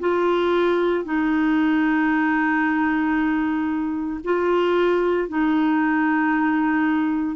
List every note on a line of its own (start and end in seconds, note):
0.00 1.05 F4
1.05 4.21 D#4
4.24 5.29 F4
5.29 7.36 D#4